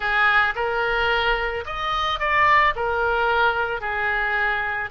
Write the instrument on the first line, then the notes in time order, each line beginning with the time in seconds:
oboe
0.00 G#4
0.55 A#4
1.65 D#5
2.19 D5
2.75 A#4
3.80 G#4